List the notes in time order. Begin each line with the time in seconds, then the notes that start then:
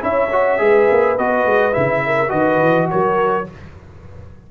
0.00 C#4 E4 C#5 E5
0.32 F#4
0.59 G#3 G#4 B4
0.91 A#3
1.19 B3 F#4 D#5
1.46 G#3
1.73 C#3 E4 E5
2.06 A#4
2.29 D#3 F#4 B4 D#5
2.61 E3
2.91 F#3 A#4 C#5